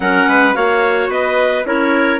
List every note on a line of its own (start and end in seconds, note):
0.00 0.25 F#3
0.00 0.53 C#4
0.00 0.28 A#4
0.00 0.54 F#5
0.27 0.54 G#3
0.27 0.56 B4
0.53 1.08 A#3
0.53 1.63 F#4
0.53 1.10 C#5
0.53 1.09 F5
1.08 1.63 B3
1.08 1.65 B4
1.08 1.66 D#5
1.65 2.19 C#4
1.65 2.19 E4
1.65 2.19 A#4
1.65 2.19 C#5